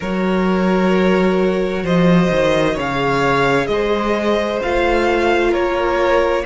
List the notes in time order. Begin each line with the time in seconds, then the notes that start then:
0.00 F#3 F#4 A#4 C#5
1.83 F3 C5 D#5
2.31 D#3
2.74 C#3 C#5 F5
2.81 G#4
3.67 G#3 C5 D#5
4.61 A3 F4 F5
5.51 A#3 A#4 C#5